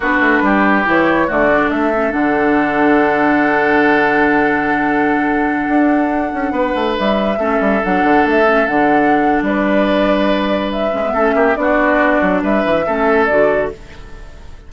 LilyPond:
<<
  \new Staff \with { instrumentName = "flute" } { \time 4/4 \tempo 4 = 140 b'2 cis''4 d''4 | e''4 fis''2.~ | fis''1~ | fis''1~ |
fis''16 e''2 fis''4 e''8.~ | e''16 fis''4.~ fis''16 d''2~ | d''4 e''2 d''4~ | d''4 e''2 d''4 | }
  \new Staff \with { instrumentName = "oboe" } { \time 4/4 fis'4 g'2 fis'4 | a'1~ | a'1~ | a'2.~ a'16 b'8.~ |
b'4~ b'16 a'2~ a'8.~ | a'2 b'2~ | b'2 a'8 g'8 fis'4~ | fis'4 b'4 a'2 | }
  \new Staff \with { instrumentName = "clarinet" } { \time 4/4 d'2 e'4 a8 d'8~ | d'8 cis'8 d'2.~ | d'1~ | d'1~ |
d'4~ d'16 cis'4 d'4. cis'16~ | cis'16 d'2.~ d'8.~ | d'4. cis'16 b16 cis'4 d'4~ | d'2 cis'4 fis'4 | }
  \new Staff \with { instrumentName = "bassoon" } { \time 4/4 b8 a8 g4 e4 d4 | a4 d2.~ | d1~ | d4~ d16 d'4. cis'8 b8 a16~ |
a16 g4 a8 g8 fis8 d8 a8.~ | a16 d4.~ d16 g2~ | g4. gis8 a8 ais8 b4~ | b8 fis8 g8 e8 a4 d4 | }
>>